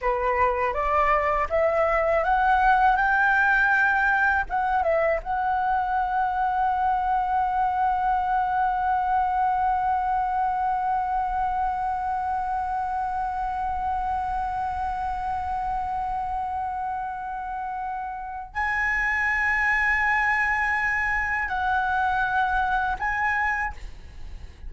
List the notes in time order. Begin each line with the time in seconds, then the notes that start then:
0.01 B4
0.73 D5
1.49 E5
2.24 F#5
2.96 G5
4.49 F#5
4.82 E5
5.22 F#5
18.54 G#5
21.48 F#5
22.99 G#5